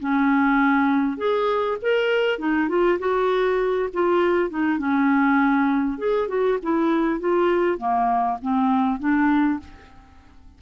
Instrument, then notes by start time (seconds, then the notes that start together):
clarinet
0.00 C#4
1.18 G#4
1.82 A#4
2.39 D#4
2.69 F4
2.99 F#4
3.94 F4
4.50 D#4
4.78 C#4
5.98 G#4
6.29 F#4
6.63 E4
7.20 F4
7.78 A#3
8.42 C4
9.00 D4